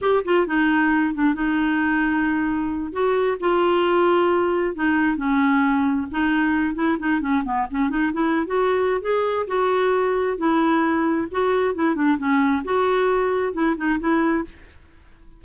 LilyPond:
\new Staff \with { instrumentName = "clarinet" } { \time 4/4 \tempo 4 = 133 g'8 f'8 dis'4. d'8 dis'4~ | dis'2~ dis'8 fis'4 f'8~ | f'2~ f'8 dis'4 cis'8~ | cis'4. dis'4. e'8 dis'8 |
cis'8 b8 cis'8 dis'8 e'8. fis'4~ fis'16 | gis'4 fis'2 e'4~ | e'4 fis'4 e'8 d'8 cis'4 | fis'2 e'8 dis'8 e'4 | }